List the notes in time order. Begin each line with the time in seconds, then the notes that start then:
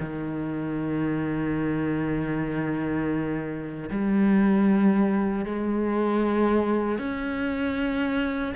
0.00 D#3
3.90 G3
5.45 G#3
6.98 C#4